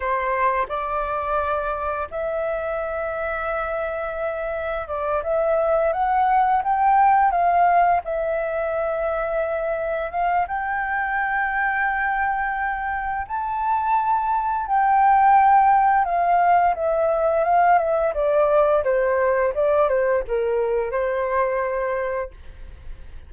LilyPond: \new Staff \with { instrumentName = "flute" } { \time 4/4 \tempo 4 = 86 c''4 d''2 e''4~ | e''2. d''8 e''8~ | e''8 fis''4 g''4 f''4 e''8~ | e''2~ e''8 f''8 g''4~ |
g''2. a''4~ | a''4 g''2 f''4 | e''4 f''8 e''8 d''4 c''4 | d''8 c''8 ais'4 c''2 | }